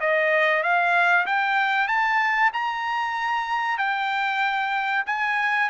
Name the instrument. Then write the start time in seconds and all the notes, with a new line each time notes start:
trumpet
0.00 D#5
0.63 F5
1.26 G5
1.88 A5
2.53 A#5
3.78 G5
5.06 G#5